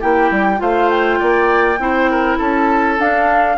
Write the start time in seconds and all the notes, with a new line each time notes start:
0.00 A#3 E4 G4 G5
0.31 G3
0.58 A3 F4 C5 F5
0.90 G5
1.20 A#3 D5
1.79 C4 E4 C5
2.11 A#4
2.38 C#4 A4 A5
2.99 D4 F5